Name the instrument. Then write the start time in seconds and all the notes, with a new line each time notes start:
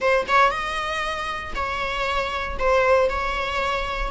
viola
0.00 C5
0.28 C#5
0.50 D#5
1.55 C#5
2.59 C5
3.09 C#5